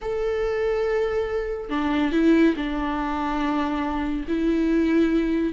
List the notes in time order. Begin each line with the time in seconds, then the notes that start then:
0.01 A4
1.69 D4
2.12 E4
2.56 D4
4.28 E4